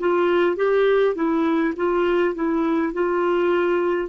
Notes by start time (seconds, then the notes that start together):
0.00 F4
0.57 G4
1.16 E4
1.76 F4
2.35 E4
2.93 F4